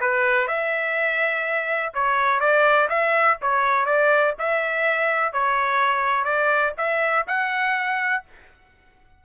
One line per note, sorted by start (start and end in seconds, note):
0.00 0.47 B4
0.47 1.92 E5
1.93 2.40 C#5
2.40 2.88 D5
2.89 3.37 E5
3.41 3.85 C#5
3.85 4.34 D5
4.39 5.32 E5
5.32 6.24 C#5
6.24 6.72 D5
6.77 7.26 E5
7.27 8.24 F#5